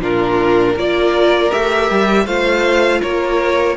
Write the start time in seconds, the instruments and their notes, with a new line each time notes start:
0.00 cello A#2, viola D4, violin F4 A#4
0.74 cello A#3, viola F4, violin A#4 D5
1.51 cello A3, viola G4, violin E5
1.91 cello G3
2.26 cello A3, viola F4, violin C5 F5
3.02 cello A#3, violin A#4 C#5